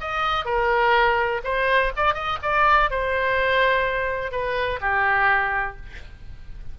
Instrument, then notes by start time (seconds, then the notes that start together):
oboe
0.00 D#5
0.45 A#4
1.44 C5
1.96 D5
2.14 D#5
2.42 D5
2.90 C5
4.31 B4
4.80 G4